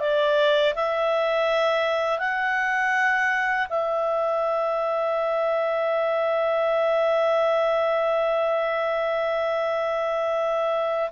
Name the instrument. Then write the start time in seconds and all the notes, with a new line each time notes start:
clarinet
0.00 D5
0.76 E5
2.19 F#5
3.69 E5